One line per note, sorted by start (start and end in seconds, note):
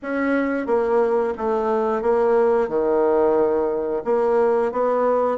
0.02 0.66 C#4
0.66 1.33 A#3
1.37 2.01 A3
2.01 2.68 A#3
2.68 4.03 D#3
4.04 4.72 A#3
4.72 5.37 B3